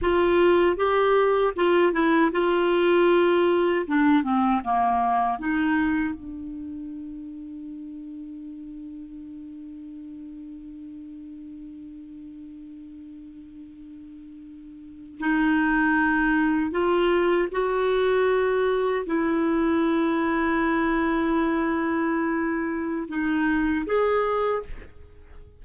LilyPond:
\new Staff \with { instrumentName = "clarinet" } { \time 4/4 \tempo 4 = 78 f'4 g'4 f'8 e'8 f'4~ | f'4 d'8 c'8 ais4 dis'4 | d'1~ | d'1~ |
d'2.~ d'8. dis'16~ | dis'4.~ dis'16 f'4 fis'4~ fis'16~ | fis'8. e'2.~ e'16~ | e'2 dis'4 gis'4 | }